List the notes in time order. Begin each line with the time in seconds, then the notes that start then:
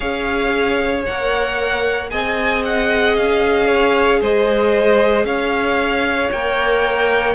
0.00 C#4 G#4 C#5 F5
1.05 A#3 A#4 F#5
2.09 C4 G#4 D#5 G#5
2.64 F#5
3.16 C#4 F5
3.67 C#5
4.20 G#3 C5 D#5
5.24 C#4 C#5 F5
6.31 A#3 A#4 G5